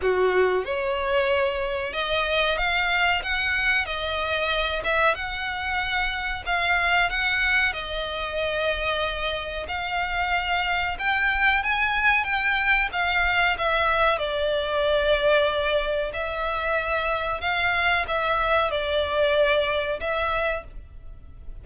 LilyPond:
\new Staff \with { instrumentName = "violin" } { \time 4/4 \tempo 4 = 93 fis'4 cis''2 dis''4 | f''4 fis''4 dis''4. e''8 | fis''2 f''4 fis''4 | dis''2. f''4~ |
f''4 g''4 gis''4 g''4 | f''4 e''4 d''2~ | d''4 e''2 f''4 | e''4 d''2 e''4 | }